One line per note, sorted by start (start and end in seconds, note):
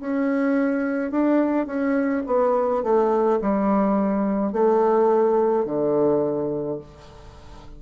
0.00 1.11 C#4
1.11 1.67 D4
1.67 2.23 C#4
2.26 2.83 B3
2.83 3.40 A3
3.42 4.53 G3
4.53 5.66 A3
5.66 6.79 D3